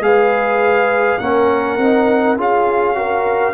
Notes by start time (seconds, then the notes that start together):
0.00 G#3 G#4 B4 F5
1.19 A#3 C#4 A#4 F#5
1.78 C4 D#4
2.37 C#4 F4 G#4 F5
2.95 F#4 A#4